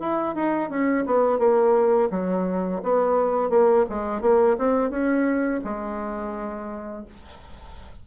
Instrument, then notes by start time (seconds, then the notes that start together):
bassoon
0.00 E4
0.35 D#4
0.70 C#4
1.06 B3
1.39 A#3
2.11 F#3
2.83 B3
3.50 A#3
3.90 G#3
4.21 A#3
4.58 C4
4.90 C#4
5.64 G#3